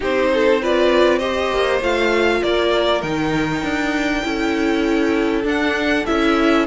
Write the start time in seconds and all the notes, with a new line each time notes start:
0.00 C4 D#4 G4 C5
0.33 A4
0.61 F4 B4 D5
1.18 G4 C5 D#5
1.51 A#3
1.81 A3 F4 F5
2.42 A#3 A#4 D5
3.01 D#3 D#4 G5
3.63 D4
4.23 C#4 E4 A4
5.43 D4 F#5
6.05 C#4 E4 E5